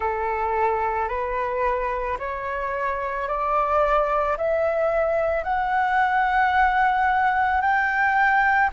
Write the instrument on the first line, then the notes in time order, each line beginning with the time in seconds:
flute
0.00 A4
1.08 B4
2.18 C#5
3.27 D5
4.37 E5
5.43 F#5
7.61 G5